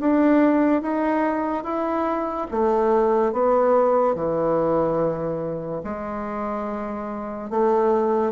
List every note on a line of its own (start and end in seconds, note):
0.00 0.82 D4
0.82 1.64 D#4
1.64 2.47 E4
2.51 3.33 A3
3.33 4.15 B3
4.15 5.81 E3
5.84 7.50 G#3
7.50 8.32 A3